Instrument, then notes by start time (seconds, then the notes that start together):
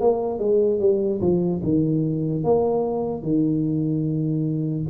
tuba
0.00 A#3
0.39 G#3
0.80 G3
1.21 F3
1.64 D#3
2.44 A#3
3.22 D#3